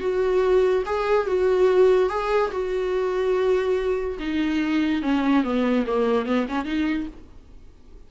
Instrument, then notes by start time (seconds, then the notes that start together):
viola
0.00 F#4
0.86 G#4
1.27 F#4
2.09 G#4
2.51 F#4
4.19 D#4
5.02 C#4
5.44 B3
5.87 A#3
6.26 B3
6.48 C#4
6.65 D#4